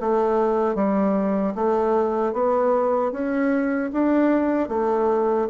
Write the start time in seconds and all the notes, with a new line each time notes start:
0.00 A3
0.75 G3
1.55 A3
2.33 B3
3.12 C#4
3.93 D4
4.69 A3